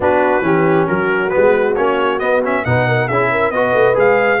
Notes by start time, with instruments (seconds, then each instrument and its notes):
0.00 tuba B3, trombone D4, horn F#4, trumpet B4
0.41 tuba E3, trombone C#4, horn G4
0.87 tuba F#3, horn F#4, trumpet A#4
1.29 trombone B3, trumpet B4
1.36 tuba G#3
1.75 tuba A#3, trombone C#4, trumpet C#5
2.19 trombone B3, tuba B3, trumpet D#5
2.44 trombone C#4, trumpet E5
2.65 tuba B2, trombone D#4, horn B4, trumpet F#5
2.87 horn A#4
3.07 tuba C#4, trombone E4, horn G#4, trumpet E5
3.31 horn A#4
3.50 tuba B3, trombone F#4, horn B4, trumpet D#5
3.73 tuba A3
3.94 tuba G#3, trombone G#4, trumpet F5